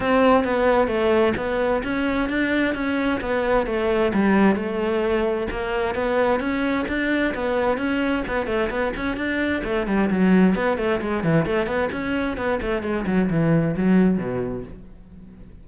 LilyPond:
\new Staff \with { instrumentName = "cello" } { \time 4/4 \tempo 4 = 131 c'4 b4 a4 b4 | cis'4 d'4 cis'4 b4 | a4 g4 a2 | ais4 b4 cis'4 d'4 |
b4 cis'4 b8 a8 b8 cis'8 | d'4 a8 g8 fis4 b8 a8 | gis8 e8 a8 b8 cis'4 b8 a8 | gis8 fis8 e4 fis4 b,4 | }